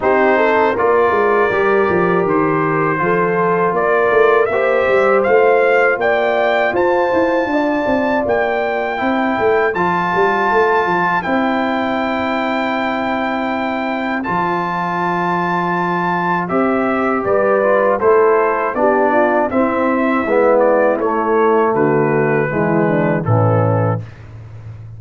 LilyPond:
<<
  \new Staff \with { instrumentName = "trumpet" } { \time 4/4 \tempo 4 = 80 c''4 d''2 c''4~ | c''4 d''4 e''4 f''4 | g''4 a''2 g''4~ | g''4 a''2 g''4~ |
g''2. a''4~ | a''2 e''4 d''4 | c''4 d''4 e''4. d''8 | cis''4 b'2 a'4 | }
  \new Staff \with { instrumentName = "horn" } { \time 4/4 g'8 a'8 ais'2. | a'4 ais'4 c''2 | d''4 c''4 d''2 | c''1~ |
c''1~ | c''2. b'4 | a'4 g'8 f'8 e'2~ | e'4 fis'4 e'8 d'8 cis'4 | }
  \new Staff \with { instrumentName = "trombone" } { \time 4/4 dis'4 f'4 g'2 | f'2 g'4 f'4~ | f'1 | e'4 f'2 e'4~ |
e'2. f'4~ | f'2 g'4. f'8 | e'4 d'4 c'4 b4 | a2 gis4 e4 | }
  \new Staff \with { instrumentName = "tuba" } { \time 4/4 c'4 ais8 gis8 g8 f8 dis4 | f4 ais8 a8 ais8 g8 a4 | ais4 f'8 e'8 d'8 c'8 ais4 | c'8 a8 f8 g8 a8 f8 c'4~ |
c'2. f4~ | f2 c'4 g4 | a4 b4 c'4 gis4 | a4 d4 e4 a,4 | }
>>